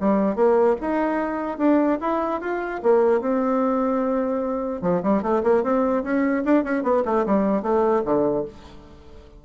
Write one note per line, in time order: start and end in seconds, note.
0.00 0.36 G3
0.36 0.76 A#3
0.81 1.58 D#4
1.58 1.99 D4
2.01 2.41 E4
2.41 2.81 F4
2.83 3.21 A#3
3.21 4.82 C4
4.82 5.02 F3
5.03 5.23 G3
5.23 5.43 A3
5.43 5.63 A#3
5.63 6.03 C4
6.03 6.44 C#4
6.45 6.64 D4
6.64 6.83 C#4
6.83 7.03 B3
7.05 7.26 A3
7.26 7.63 G3
7.63 8.03 A3
8.05 8.45 D3